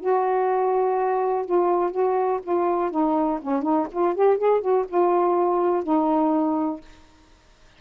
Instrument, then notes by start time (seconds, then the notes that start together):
saxophone
0.00 F#4
1.45 F4
1.91 F#4
2.43 F4
2.91 D#4
3.42 C#4
3.62 D#4
3.92 F4
4.15 G4
4.37 G#4
4.61 F#4
4.88 F4
5.83 D#4